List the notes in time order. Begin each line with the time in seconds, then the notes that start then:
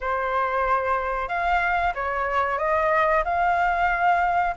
0.01 C5
1.28 F5
1.94 C#5
2.58 D#5
3.24 F5